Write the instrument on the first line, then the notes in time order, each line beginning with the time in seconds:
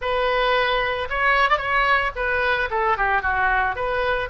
oboe
0.01 B4
1.09 C#5
1.49 D5
1.57 C#5
2.15 B4
2.70 A4
2.97 G4
3.21 F#4
3.75 B4